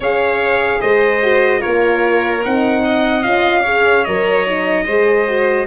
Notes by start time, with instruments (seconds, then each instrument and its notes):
0.00 tuba C#4, horn G#4, violin C#5, trumpet F5
0.80 tuba G#3, violin C5, trumpet D#5
1.22 horn F#4
1.59 horn F4, violin A#4, trumpet C#5
1.66 tuba A#3
2.44 tuba C4, horn D#4, trumpet F#5
2.84 violin D#5
3.23 tuba C#4, horn F4, trumpet F5
3.62 horn G#4, violin C#5
4.04 tuba F#3, horn A#4, trumpet D#5
4.46 horn D#4
4.85 tuba G#3, horn G#4, violin C5
5.27 horn F#4